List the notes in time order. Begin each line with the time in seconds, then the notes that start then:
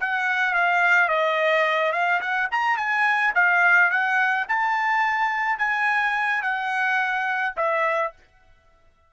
0.00 F#5
0.54 F5
1.09 D#5
1.93 F5
2.21 F#5
2.51 A#5
2.78 G#5
3.35 F5
3.91 F#5
4.49 A5
5.59 G#5
6.43 F#5
7.57 E5